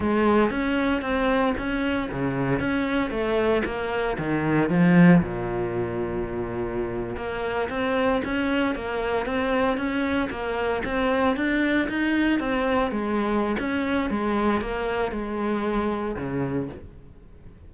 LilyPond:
\new Staff \with { instrumentName = "cello" } { \time 4/4 \tempo 4 = 115 gis4 cis'4 c'4 cis'4 | cis4 cis'4 a4 ais4 | dis4 f4 ais,2~ | ais,4.~ ais,16 ais4 c'4 cis'16~ |
cis'8. ais4 c'4 cis'4 ais16~ | ais8. c'4 d'4 dis'4 c'16~ | c'8. gis4~ gis16 cis'4 gis4 | ais4 gis2 cis4 | }